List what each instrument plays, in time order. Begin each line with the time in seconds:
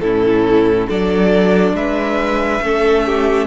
0.00 cello A2, viola C#4, violin E4 A4
0.87 cello F#3, viola D4, violin A4 D5
1.73 cello G#3, violin B4 E5
2.61 cello A3, viola C#4, violin A4
3.06 violin G4